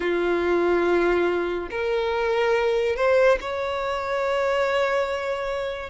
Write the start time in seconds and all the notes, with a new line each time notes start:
0.00 F4
1.70 A#4
2.96 C5
3.40 C#5